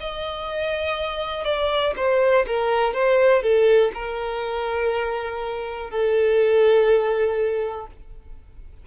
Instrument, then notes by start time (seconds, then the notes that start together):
violin
0.00 D#5
1.44 D5
1.97 C5
2.47 A#4
2.94 C5
3.42 A4
3.94 A#4
5.90 A4